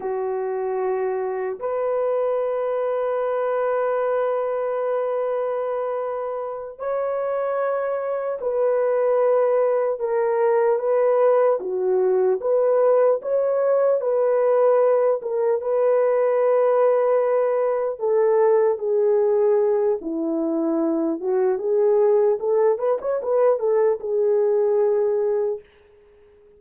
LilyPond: \new Staff \with { instrumentName = "horn" } { \time 4/4 \tempo 4 = 75 fis'2 b'2~ | b'1~ | b'8 cis''2 b'4.~ | b'8 ais'4 b'4 fis'4 b'8~ |
b'8 cis''4 b'4. ais'8 b'8~ | b'2~ b'8 a'4 gis'8~ | gis'4 e'4. fis'8 gis'4 | a'8 b'16 cis''16 b'8 a'8 gis'2 | }